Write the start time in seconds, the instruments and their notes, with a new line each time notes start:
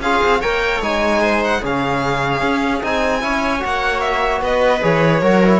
0.00 cello C#4, trombone F4, viola G#4, violin F5
0.23 cello C4
0.41 cello A#3, trombone A#4, viola C#5, violin G5
0.81 cello G#3, trombone D#4, violin G#5
1.22 viola C5
1.44 violin F#5
1.60 cello C#3, trombone C#4, viola G#4, violin F5
2.42 cello C#4
2.83 cello C4, trombone D#4, violin G#5
3.21 cello C#4, trombone E4, viola C#5
3.60 cello A#3, trombone F#4, violin F#5
4.00 violin E5
4.41 cello B3, viola B4, violin D#5
4.82 cello E3, trombone G#4, violin C#5
5.22 cello F#3, trombone F#4, viola A#4
5.44 trombone E4